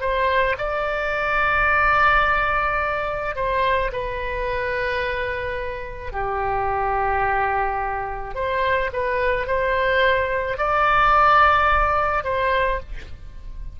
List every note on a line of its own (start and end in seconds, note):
0.00 0.56 C5
0.58 3.35 D5
3.35 3.91 C5
3.92 6.13 B4
6.13 8.35 G4
8.35 8.90 C5
8.92 9.46 B4
9.46 10.58 C5
10.58 12.24 D5
12.24 12.80 C5